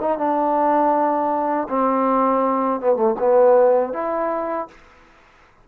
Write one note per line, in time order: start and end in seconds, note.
0.00 0.17 D#4
0.17 1.67 D4
1.69 2.80 C4
2.80 2.96 B3
2.96 3.14 A3
3.19 3.92 B3
3.92 4.67 E4